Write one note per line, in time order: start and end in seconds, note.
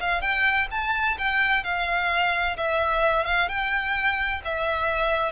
0.00 0.21 F5
0.21 0.68 G5
0.71 1.17 A5
1.18 1.63 G5
1.63 2.56 F5
2.57 3.25 E5
3.25 3.48 F5
3.48 4.41 G5
4.44 5.31 E5